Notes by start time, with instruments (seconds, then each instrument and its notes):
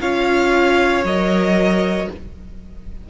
0.00 cello C#4, viola F4, violin C#5 F5
1.04 cello F#3, viola A#4, violin D#5